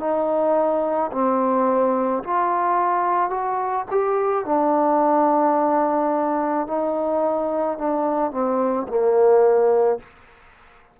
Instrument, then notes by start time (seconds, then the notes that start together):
trombone
0.00 D#4
1.12 C4
2.24 F4
3.30 F#4
3.91 G4
4.45 D4
6.67 D#4
7.78 D4
8.31 C4
8.88 A#3